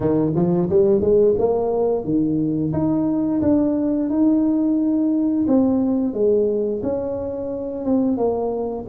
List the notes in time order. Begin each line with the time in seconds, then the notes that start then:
0.00 D#3
0.35 F3
0.69 G3
1.00 G#3
1.38 A#3
2.04 D#3
2.72 D#4
3.41 D4
4.09 D#4
5.47 C4
6.13 G#3
6.82 C#4
7.84 C4
8.17 A#3